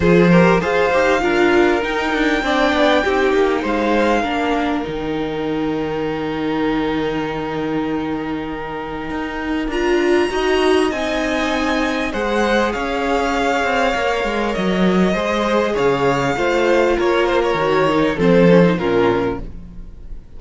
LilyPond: <<
  \new Staff \with { instrumentName = "violin" } { \time 4/4 \tempo 4 = 99 c''4 f''2 g''4~ | g''2 f''2 | g''1~ | g''1 |
ais''2 gis''2 | fis''4 f''2. | dis''2 f''2 | cis''8 c''16 cis''4~ cis''16 c''4 ais'4 | }
  \new Staff \with { instrumentName = "violin" } { \time 4/4 gis'8 ais'8 c''4 ais'2 | d''4 g'4 c''4 ais'4~ | ais'1~ | ais'1~ |
ais'4 dis''2. | c''4 cis''2.~ | cis''4 c''4 cis''4 c''4 | ais'2 a'4 f'4 | }
  \new Staff \with { instrumentName = "viola" } { \time 4/4 f'8 g'8 gis'8 g'8 f'4 dis'4 | d'4 dis'2 d'4 | dis'1~ | dis'1 |
f'4 fis'4 dis'2 | gis'2. ais'4~ | ais'4 gis'2 f'4~ | f'4 fis'8 dis'8 c'8 cis'16 dis'16 cis'4 | }
  \new Staff \with { instrumentName = "cello" } { \time 4/4 f4 f'8 dis'8 d'4 dis'8 d'8 | c'8 b8 c'8 ais8 gis4 ais4 | dis1~ | dis2. dis'4 |
d'4 dis'4 c'2 | gis4 cis'4. c'8 ais8 gis8 | fis4 gis4 cis4 a4 | ais4 dis4 f4 ais,4 | }
>>